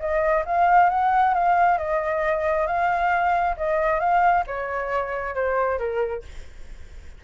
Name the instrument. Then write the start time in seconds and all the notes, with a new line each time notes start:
flute
0.00 D#5
0.46 F5
0.90 F#5
1.34 F5
1.78 D#5
2.67 F5
3.57 D#5
4.00 F5
4.47 C#5
5.35 C5
5.79 A#4